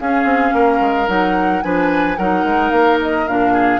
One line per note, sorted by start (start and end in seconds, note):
0.00 0.24 C#4
0.00 1.07 C#4
0.00 0.55 G#4
0.00 1.09 F5
0.24 0.51 C4
0.53 0.80 A#3
0.53 1.64 A#4
0.80 1.08 G#3
1.07 1.63 F#3
1.07 1.62 D#4
1.07 1.62 F#5
1.62 2.18 F3
1.62 2.17 D4
1.62 2.18 B4
1.62 2.17 G#5
2.17 2.44 F#3
2.17 3.27 D#4
2.17 3.53 A#4
2.17 2.70 F#5
2.44 2.71 G#3
2.70 3.26 A#3
2.70 2.97 F5
3.02 3.27 D#5
3.27 3.80 A#2
3.27 3.80 D4
3.27 3.80 F5
3.53 3.80 G#4